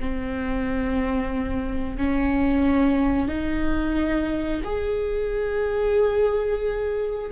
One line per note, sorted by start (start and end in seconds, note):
0.00 1.98 C4
1.98 3.28 C#4
3.28 4.62 D#4
4.64 7.31 G#4